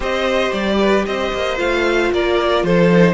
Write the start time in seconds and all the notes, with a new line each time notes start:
0.00 C4 G4 C5 D#5
0.52 G3 D5
0.79 B4
1.05 C4 C5 D#5
1.33 A#3
1.56 A3 F4 F5
2.12 A#3 A#4 D5
2.63 F3 A4 C5
2.91 D#4